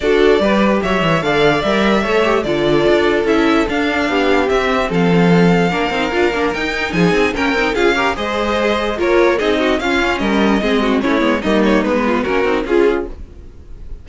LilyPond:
<<
  \new Staff \with { instrumentName = "violin" } { \time 4/4 \tempo 4 = 147 d''2 e''4 f''4 | e''2 d''2 | e''4 f''2 e''4 | f''1 |
g''4 gis''4 g''4 f''4 | dis''2 cis''4 dis''4 | f''4 dis''2 cis''4 | dis''8 cis''8 b'4 ais'4 gis'4 | }
  \new Staff \with { instrumentName = "violin" } { \time 4/4 a'4 b'4 cis''4 d''4~ | d''4 cis''4 a'2~ | a'2 g'2 | a'2 ais'2~ |
ais'4 gis'4 ais'4 gis'8 ais'8 | c''2 ais'4 gis'8 fis'8 | f'4 ais'4 gis'8 fis'8 e'4 | dis'4. f'8 fis'4 f'4 | }
  \new Staff \with { instrumentName = "viola" } { \time 4/4 fis'4 g'2 a'4 | ais'4 a'8 g'8 f'2 | e'4 d'2 c'4~ | c'2 d'8 dis'8 f'8 d'8 |
dis'2 cis'8 dis'8 f'8 g'8 | gis'2 f'4 dis'4 | cis'2 c'4 cis'8 b8 | ais4 b4 cis'8 dis'8 f'4 | }
  \new Staff \with { instrumentName = "cello" } { \time 4/4 d'4 g4 fis8 e8 d4 | g4 a4 d4 d'4 | cis'4 d'4 b4 c'4 | f2 ais8 c'8 d'8 ais8 |
dis'4 f8 c'8 ais8 c'8 cis'4 | gis2 ais4 c'4 | cis'4 g4 gis4 a8 gis8 | g4 gis4 ais8 c'8 cis'4 | }
>>